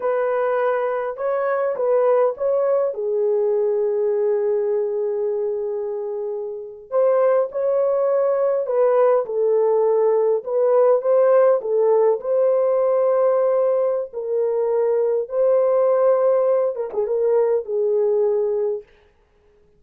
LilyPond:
\new Staff \with { instrumentName = "horn" } { \time 4/4 \tempo 4 = 102 b'2 cis''4 b'4 | cis''4 gis'2.~ | gis'2.~ gis'8. c''16~ | c''8. cis''2 b'4 a'16~ |
a'4.~ a'16 b'4 c''4 a'16~ | a'8. c''2.~ c''16 | ais'2 c''2~ | c''8 ais'16 gis'16 ais'4 gis'2 | }